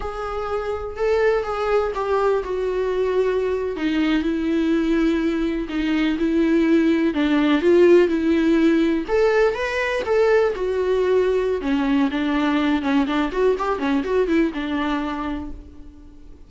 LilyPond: \new Staff \with { instrumentName = "viola" } { \time 4/4 \tempo 4 = 124 gis'2 a'4 gis'4 | g'4 fis'2~ fis'8. dis'16~ | dis'8. e'2. dis'16~ | dis'8. e'2 d'4 f'16~ |
f'8. e'2 a'4 b'16~ | b'8. a'4 fis'2~ fis'16 | cis'4 d'4. cis'8 d'8 fis'8 | g'8 cis'8 fis'8 e'8 d'2 | }